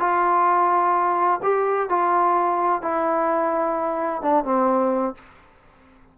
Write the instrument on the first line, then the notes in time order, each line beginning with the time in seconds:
trombone
0.00 F4
1.43 G4
1.89 F4
2.82 E4
4.23 D4
4.45 C4